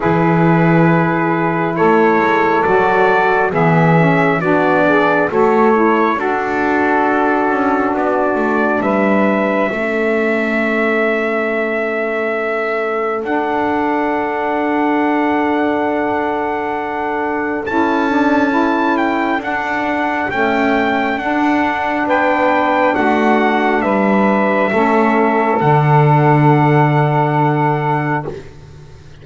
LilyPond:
<<
  \new Staff \with { instrumentName = "trumpet" } { \time 4/4 \tempo 4 = 68 b'2 cis''4 d''4 | e''4 d''4 cis''4 a'4~ | a'4 d''4 e''2~ | e''2. fis''4~ |
fis''1 | a''4. g''8 fis''4 g''4 | fis''4 g''4 fis''4 e''4~ | e''4 fis''2. | }
  \new Staff \with { instrumentName = "saxophone" } { \time 4/4 gis'2 a'2 | gis'4 fis'8 gis'8 a'4 fis'4~ | fis'2 b'4 a'4~ | a'1~ |
a'1~ | a'1~ | a'4 b'4 fis'4 b'4 | a'1 | }
  \new Staff \with { instrumentName = "saxophone" } { \time 4/4 e'2. fis'4 | b8 cis'8 d'4 fis'8 e'8 d'4~ | d'2. cis'4~ | cis'2. d'4~ |
d'1 | e'8 d'8 e'4 d'4 a4 | d'1 | cis'4 d'2. | }
  \new Staff \with { instrumentName = "double bass" } { \time 4/4 e2 a8 gis8 fis4 | e4 b4 a4 d'4~ | d'8 cis'8 b8 a8 g4 a4~ | a2. d'4~ |
d'1 | cis'2 d'4 cis'4 | d'4 b4 a4 g4 | a4 d2. | }
>>